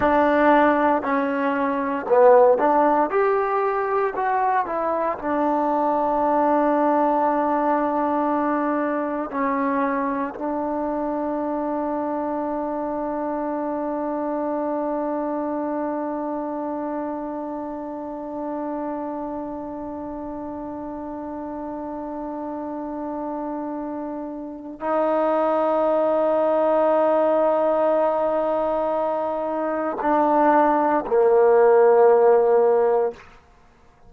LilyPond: \new Staff \with { instrumentName = "trombone" } { \time 4/4 \tempo 4 = 58 d'4 cis'4 b8 d'8 g'4 | fis'8 e'8 d'2.~ | d'4 cis'4 d'2~ | d'1~ |
d'1~ | d'1 | dis'1~ | dis'4 d'4 ais2 | }